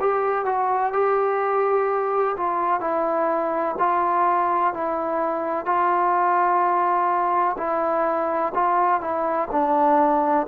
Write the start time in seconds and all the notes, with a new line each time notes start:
0.00 G4
0.45 F#4
0.93 G4
2.37 F4
2.81 E4
3.79 F4
4.74 E4
5.66 F4
7.58 E4
8.55 F4
9.01 E4
9.52 D4